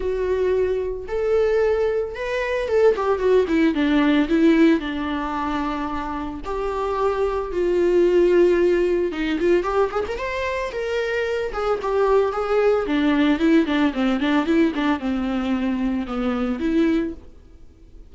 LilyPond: \new Staff \with { instrumentName = "viola" } { \time 4/4 \tempo 4 = 112 fis'2 a'2 | b'4 a'8 g'8 fis'8 e'8 d'4 | e'4 d'2. | g'2 f'2~ |
f'4 dis'8 f'8 g'8 gis'16 ais'16 c''4 | ais'4. gis'8 g'4 gis'4 | d'4 e'8 d'8 c'8 d'8 e'8 d'8 | c'2 b4 e'4 | }